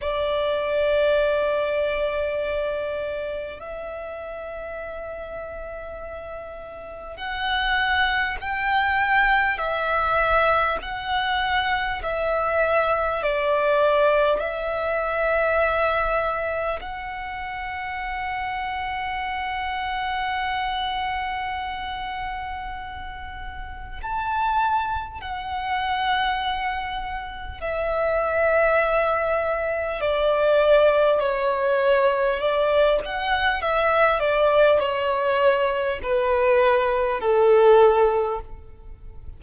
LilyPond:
\new Staff \with { instrumentName = "violin" } { \time 4/4 \tempo 4 = 50 d''2. e''4~ | e''2 fis''4 g''4 | e''4 fis''4 e''4 d''4 | e''2 fis''2~ |
fis''1 | a''4 fis''2 e''4~ | e''4 d''4 cis''4 d''8 fis''8 | e''8 d''8 cis''4 b'4 a'4 | }